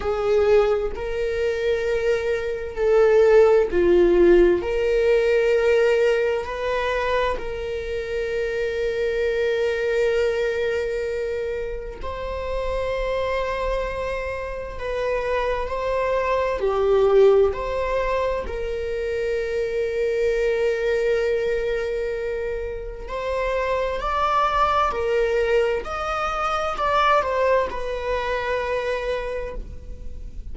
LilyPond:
\new Staff \with { instrumentName = "viola" } { \time 4/4 \tempo 4 = 65 gis'4 ais'2 a'4 | f'4 ais'2 b'4 | ais'1~ | ais'4 c''2. |
b'4 c''4 g'4 c''4 | ais'1~ | ais'4 c''4 d''4 ais'4 | dis''4 d''8 c''8 b'2 | }